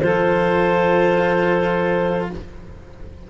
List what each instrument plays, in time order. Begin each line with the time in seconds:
0.00 tuba F3, cello F4, saxophone A4, clarinet C5